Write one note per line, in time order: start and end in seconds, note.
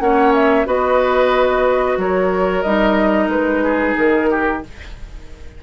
0.00 0.66 A#3
0.00 0.66 C#4
0.00 0.67 C#5
0.00 0.33 F#5
0.34 0.67 E5
0.66 1.97 B3
0.66 2.64 F#4
0.66 1.99 B4
0.66 1.99 D#5
1.97 2.63 F#3
1.97 3.64 A#4
1.97 2.63 C#5
2.63 3.28 G3
2.63 4.64 D#4
2.63 3.29 D#5
3.28 3.94 G#3
3.28 3.96 B4
3.64 4.30 G#4
3.98 4.64 D#3
3.98 4.64 A#4
4.30 4.63 G4